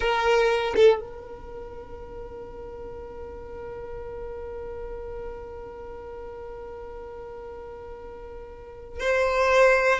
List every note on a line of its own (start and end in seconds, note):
0.00 0.74 A#4
0.76 1.00 A4
1.00 9.00 A#4
9.00 10.00 C5